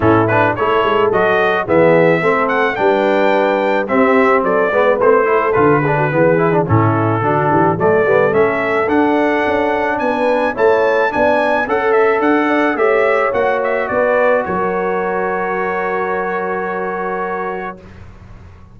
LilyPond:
<<
  \new Staff \with { instrumentName = "trumpet" } { \time 4/4 \tempo 4 = 108 a'8 b'8 cis''4 dis''4 e''4~ | e''8 fis''8 g''2 e''4 | d''4 c''4 b'2 | a'2 d''4 e''4 |
fis''2 gis''4 a''4 | gis''4 fis''8 e''8 fis''4 e''4 | fis''8 e''8 d''4 cis''2~ | cis''1 | }
  \new Staff \with { instrumentName = "horn" } { \time 4/4 e'4 a'2 gis'4 | a'4 b'2 g'4 | a'8 b'4 a'4 gis'16 fis'16 gis'4 | e'4 fis'8 g'8 a'2~ |
a'2 b'4 cis''4 | d''4 a'4. d''8 cis''4~ | cis''4 b'4 ais'2~ | ais'1 | }
  \new Staff \with { instrumentName = "trombone" } { \time 4/4 cis'8 d'8 e'4 fis'4 b4 | c'4 d'2 c'4~ | c'8 b8 c'8 e'8 f'8 d'8 b8 e'16 d'16 | cis'4 d'4 a8 b8 cis'4 |
d'2. e'4 | d'4 a'2 g'4 | fis'1~ | fis'1 | }
  \new Staff \with { instrumentName = "tuba" } { \time 4/4 a,4 a8 gis8 fis4 e4 | a4 g2 c'4 | fis8 gis8 a4 d4 e4 | a,4 d8 e8 fis8 g8 a4 |
d'4 cis'4 b4 a4 | b4 cis'4 d'4 a4 | ais4 b4 fis2~ | fis1 | }
>>